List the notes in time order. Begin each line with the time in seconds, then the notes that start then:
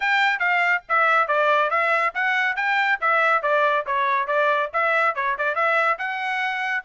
0.00 G5
0.39 F5
0.88 E5
1.27 D5
1.70 E5
2.14 F#5
2.56 G5
3.00 E5
3.42 D5
3.86 C#5
4.27 D5
4.73 E5
5.15 C#5
5.38 D5
5.55 E5
5.98 F#5